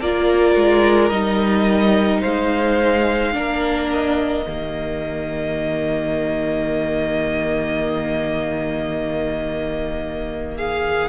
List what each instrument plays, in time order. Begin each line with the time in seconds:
0.00 cello A#3, viola F4, violin A#4 D5
0.55 cello G#3
1.09 cello G3, viola D#4, violin D#5
2.20 cello G#3, violin C5 F5
3.33 cello A#3, viola D4, violin A#4
3.92 violin D#5
4.46 cello D#3, viola A#3, violin G4
10.56 violin G#4 F5